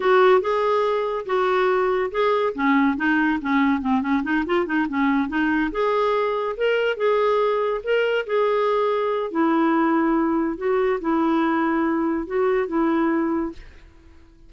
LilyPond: \new Staff \with { instrumentName = "clarinet" } { \time 4/4 \tempo 4 = 142 fis'4 gis'2 fis'4~ | fis'4 gis'4 cis'4 dis'4 | cis'4 c'8 cis'8 dis'8 f'8 dis'8 cis'8~ | cis'8 dis'4 gis'2 ais'8~ |
ais'8 gis'2 ais'4 gis'8~ | gis'2 e'2~ | e'4 fis'4 e'2~ | e'4 fis'4 e'2 | }